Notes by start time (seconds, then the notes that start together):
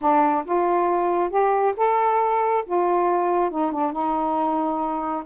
0.01 D4
0.45 F4
1.30 G4
1.76 A4
2.66 F4
3.50 D#4
3.71 D4
3.92 D#4